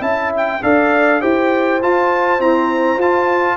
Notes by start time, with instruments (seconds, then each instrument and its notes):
0.00 tuba C#4, trombone E4, horn E5, trumpet A5
0.37 trumpet G5
0.63 tuba D4, trombone A4, horn D5, trumpet F5
1.21 tuba E4, trombone G4, horn C5, trumpet G5
1.82 trombone F4, tuba F4, trumpet A5
2.39 trombone C4, tuba E4, trumpet A#5
2.97 tuba F4, trombone F4, trumpet A5